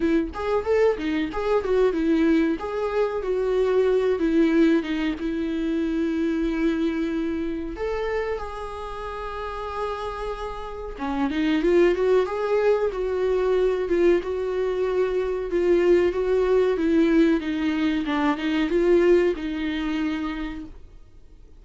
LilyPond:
\new Staff \with { instrumentName = "viola" } { \time 4/4 \tempo 4 = 93 e'8 gis'8 a'8 dis'8 gis'8 fis'8 e'4 | gis'4 fis'4. e'4 dis'8 | e'1 | a'4 gis'2.~ |
gis'4 cis'8 dis'8 f'8 fis'8 gis'4 | fis'4. f'8 fis'2 | f'4 fis'4 e'4 dis'4 | d'8 dis'8 f'4 dis'2 | }